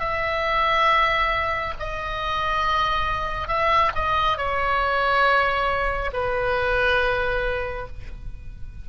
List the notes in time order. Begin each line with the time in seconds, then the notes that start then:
0.00 E5
1.79 D#5
3.48 E5
3.95 D#5
4.38 C#5
6.13 B4